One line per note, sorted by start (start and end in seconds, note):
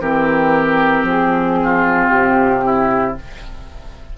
0.00 1.03 E3
0.00 3.16 C4
0.00 1.58 G4
0.00 1.06 A#4
1.03 2.08 F3
1.09 2.09 G#4
1.63 2.64 F4
2.09 3.16 C3
2.09 3.14 G4
2.64 3.17 E4